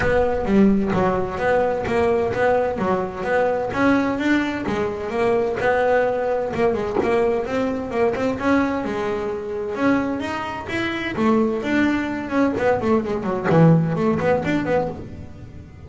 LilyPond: \new Staff \with { instrumentName = "double bass" } { \time 4/4 \tempo 4 = 129 b4 g4 fis4 b4 | ais4 b4 fis4 b4 | cis'4 d'4 gis4 ais4 | b2 ais8 gis8 ais4 |
c'4 ais8 c'8 cis'4 gis4~ | gis4 cis'4 dis'4 e'4 | a4 d'4. cis'8 b8 a8 | gis8 fis8 e4 a8 b8 d'8 b8 | }